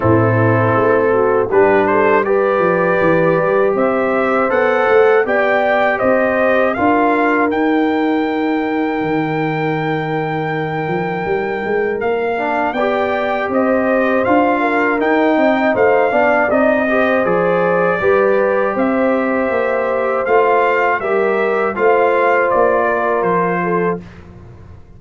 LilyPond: <<
  \new Staff \with { instrumentName = "trumpet" } { \time 4/4 \tempo 4 = 80 a'2 b'8 c''8 d''4~ | d''4 e''4 fis''4 g''4 | dis''4 f''4 g''2~ | g''1 |
f''4 g''4 dis''4 f''4 | g''4 f''4 dis''4 d''4~ | d''4 e''2 f''4 | e''4 f''4 d''4 c''4 | }
  \new Staff \with { instrumentName = "horn" } { \time 4/4 e'4. fis'8 g'8 a'8 b'4~ | b'4 c''2 d''4 | c''4 ais'2.~ | ais'1~ |
ais'4 d''4 c''4. ais'8~ | ais'8 dis''8 c''8 d''4 c''4. | b'4 c''2. | ais'4 c''4. ais'4 a'8 | }
  \new Staff \with { instrumentName = "trombone" } { \time 4/4 c'2 d'4 g'4~ | g'2 a'4 g'4~ | g'4 f'4 dis'2~ | dis'1~ |
dis'8 d'8 g'2 f'4 | dis'4. d'8 dis'8 g'8 gis'4 | g'2. f'4 | g'4 f'2. | }
  \new Staff \with { instrumentName = "tuba" } { \time 4/4 a,4 a4 g4. f8 | e8 g8 c'4 b8 a8 b4 | c'4 d'4 dis'2 | dis2~ dis8 f8 g8 gis8 |
ais4 b4 c'4 d'4 | dis'8 c'8 a8 b8 c'4 f4 | g4 c'4 ais4 a4 | g4 a4 ais4 f4 | }
>>